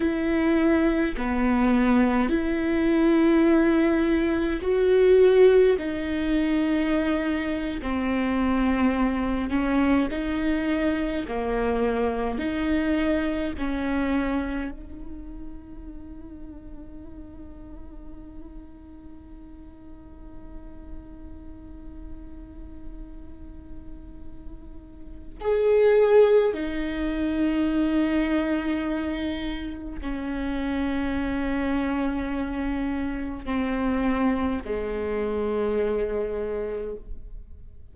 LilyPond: \new Staff \with { instrumentName = "viola" } { \time 4/4 \tempo 4 = 52 e'4 b4 e'2 | fis'4 dis'4.~ dis'16 c'4~ c'16~ | c'16 cis'8 dis'4 ais4 dis'4 cis'16~ | cis'8. dis'2.~ dis'16~ |
dis'1~ | dis'2 gis'4 dis'4~ | dis'2 cis'2~ | cis'4 c'4 gis2 | }